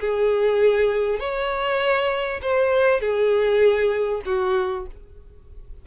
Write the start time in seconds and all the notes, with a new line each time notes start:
0.00 G#4
1.19 C#5
2.42 C5
3.00 G#4
4.25 F#4